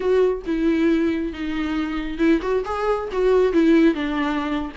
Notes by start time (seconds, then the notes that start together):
0.00 F#4
0.46 E4
1.32 D#4
2.18 E4
2.41 F#4
2.65 G#4
3.12 F#4
3.53 E4
3.94 D4